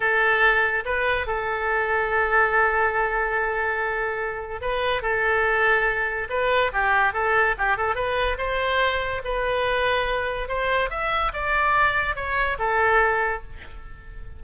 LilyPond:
\new Staff \with { instrumentName = "oboe" } { \time 4/4 \tempo 4 = 143 a'2 b'4 a'4~ | a'1~ | a'2. b'4 | a'2. b'4 |
g'4 a'4 g'8 a'8 b'4 | c''2 b'2~ | b'4 c''4 e''4 d''4~ | d''4 cis''4 a'2 | }